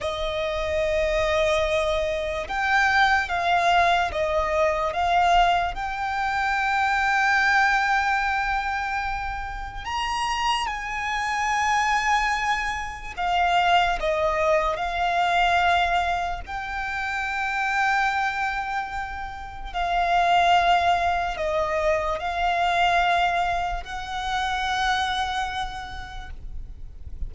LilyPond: \new Staff \with { instrumentName = "violin" } { \time 4/4 \tempo 4 = 73 dis''2. g''4 | f''4 dis''4 f''4 g''4~ | g''1 | ais''4 gis''2. |
f''4 dis''4 f''2 | g''1 | f''2 dis''4 f''4~ | f''4 fis''2. | }